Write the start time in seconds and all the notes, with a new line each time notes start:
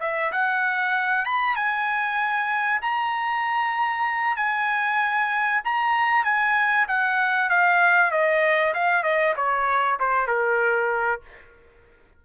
0.00 E5
0.32 F#5
1.25 B5
1.55 G#5
2.82 A#5
4.36 G#5
5.64 A#5
6.24 G#5
6.88 F#5
7.49 F5
8.11 D#5
8.74 F5
9.03 D#5
9.36 C#5
9.99 C5
10.27 A#4